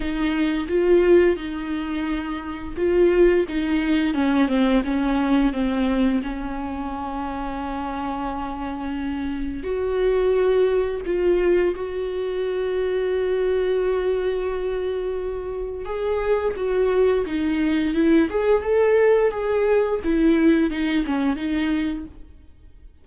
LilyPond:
\new Staff \with { instrumentName = "viola" } { \time 4/4 \tempo 4 = 87 dis'4 f'4 dis'2 | f'4 dis'4 cis'8 c'8 cis'4 | c'4 cis'2.~ | cis'2 fis'2 |
f'4 fis'2.~ | fis'2. gis'4 | fis'4 dis'4 e'8 gis'8 a'4 | gis'4 e'4 dis'8 cis'8 dis'4 | }